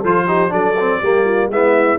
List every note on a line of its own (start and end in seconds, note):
0.00 0.52 F3
0.00 0.27 F4
0.00 0.25 A4
0.00 0.52 C5
0.27 0.49 D#4
0.27 0.51 G4
0.49 1.01 F#3
0.49 0.74 D4
0.49 1.00 A4
0.49 1.51 D5
0.79 1.02 C4
1.01 1.49 G3
1.01 1.52 A#3
1.01 1.24 G4
1.24 1.49 F4
1.49 1.98 G#3
1.49 1.99 B3
1.49 1.99 E4
1.49 1.99 E5